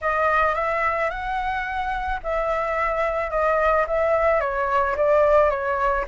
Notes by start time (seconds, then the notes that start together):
0.01 D#5
0.55 E5
1.10 F#5
2.23 E5
3.30 D#5
3.87 E5
4.40 C#5
4.96 D5
5.49 C#5